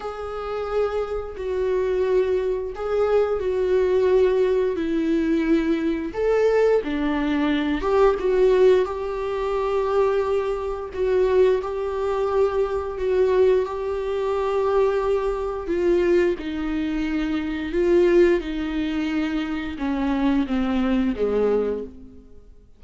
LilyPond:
\new Staff \with { instrumentName = "viola" } { \time 4/4 \tempo 4 = 88 gis'2 fis'2 | gis'4 fis'2 e'4~ | e'4 a'4 d'4. g'8 | fis'4 g'2. |
fis'4 g'2 fis'4 | g'2. f'4 | dis'2 f'4 dis'4~ | dis'4 cis'4 c'4 gis4 | }